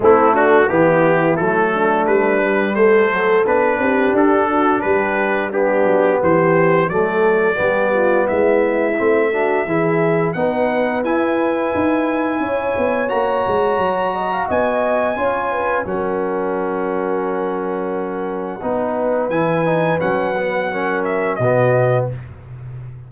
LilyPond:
<<
  \new Staff \with { instrumentName = "trumpet" } { \time 4/4 \tempo 4 = 87 e'8 fis'8 g'4 a'4 b'4 | c''4 b'4 a'4 b'4 | g'4 c''4 d''2 | e''2. fis''4 |
gis''2. ais''4~ | ais''4 gis''2 fis''4~ | fis''1 | gis''4 fis''4. e''8 dis''4 | }
  \new Staff \with { instrumentName = "horn" } { \time 4/4 c'8 d'8 e'4. d'4. | a'4. g'4 fis'8 g'4 | d'4 g'4 a'4 g'8 f'8 | e'4. fis'8 gis'4 b'4~ |
b'2 cis''2~ | cis''8 dis''16 f''16 dis''4 cis''8 b'8 ais'4~ | ais'2. b'4~ | b'2 ais'4 fis'4 | }
  \new Staff \with { instrumentName = "trombone" } { \time 4/4 a4 b4 a4. g8~ | g8 fis8 d'2. | b2 a4 b4~ | b4 c'8 d'8 e'4 dis'4 |
e'2. fis'4~ | fis'2 f'4 cis'4~ | cis'2. dis'4 | e'8 dis'8 cis'8 b8 cis'4 b4 | }
  \new Staff \with { instrumentName = "tuba" } { \time 4/4 a4 e4 fis4 g4 | a4 b8 c'8 d'4 g4~ | g8 fis8 e4 fis4 g4 | gis4 a4 e4 b4 |
e'4 dis'4 cis'8 b8 ais8 gis8 | fis4 b4 cis'4 fis4~ | fis2. b4 | e4 fis2 b,4 | }
>>